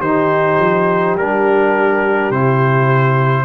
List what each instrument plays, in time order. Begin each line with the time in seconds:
0.00 tuba D#3, trombone D#4, horn G4, trumpet C5
0.59 tuba F3
1.16 tuba G3, trombone D4, trumpet A#4
2.31 tuba C3, trombone E4, trumpet C5